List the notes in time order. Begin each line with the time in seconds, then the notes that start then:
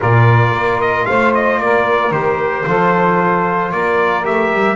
0.00 A#2 F4 A#4 D5
0.52 A#3
0.81 D#5
1.05 A3 C5 F5
1.34 D#5
1.57 A#3 D5
1.64 A#4
2.11 D#3 G4 C5
2.66 F3 F4 A4
3.71 A#3 A#4 D5
4.24 A3 G4 E5
4.53 G3